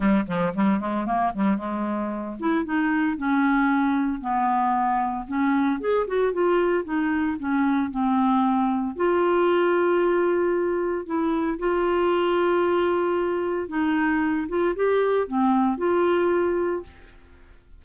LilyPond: \new Staff \with { instrumentName = "clarinet" } { \time 4/4 \tempo 4 = 114 g8 f8 g8 gis8 ais8 g8 gis4~ | gis8 e'8 dis'4 cis'2 | b2 cis'4 gis'8 fis'8 | f'4 dis'4 cis'4 c'4~ |
c'4 f'2.~ | f'4 e'4 f'2~ | f'2 dis'4. f'8 | g'4 c'4 f'2 | }